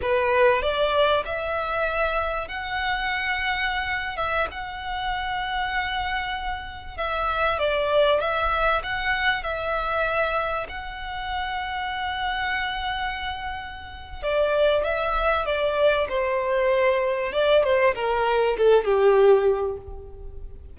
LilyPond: \new Staff \with { instrumentName = "violin" } { \time 4/4 \tempo 4 = 97 b'4 d''4 e''2 | fis''2~ fis''8. e''8 fis''8.~ | fis''2.~ fis''16 e''8.~ | e''16 d''4 e''4 fis''4 e''8.~ |
e''4~ e''16 fis''2~ fis''8.~ | fis''2. d''4 | e''4 d''4 c''2 | d''8 c''8 ais'4 a'8 g'4. | }